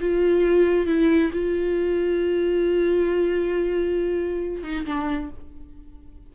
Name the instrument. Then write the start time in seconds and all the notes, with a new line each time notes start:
viola
0.00 F4
0.86 E4
1.33 F4
4.63 D#4
4.85 D4